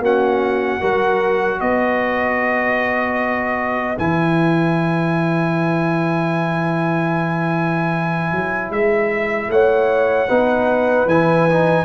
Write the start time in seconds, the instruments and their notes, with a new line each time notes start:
0.00 tuba A#3, trombone C#4, horn F#4, trumpet F#5
0.81 tuba F#3, trombone F#4, horn A#4
1.60 tuba B3, horn B4, trumpet D#5
3.98 tuba E3, trombone E4, trumpet G#5
8.32 tuba F#3
8.70 tuba G#3, trumpet E5
9.49 tuba A3, horn C#5, trumpet F#5
10.28 tuba B3, trombone D#4, horn B4
11.06 tuba E3, trombone E4, trumpet G#5
11.50 trombone D#4